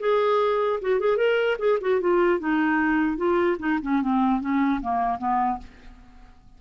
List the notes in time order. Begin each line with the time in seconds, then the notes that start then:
0.00 G#4
0.81 F#4
1.00 G#4
1.17 A#4
1.59 G#4
1.81 F#4
2.01 F4
2.39 D#4
3.17 F4
3.59 D#4
3.82 C#4
4.02 C4
4.41 C#4
4.81 A#3
5.18 B3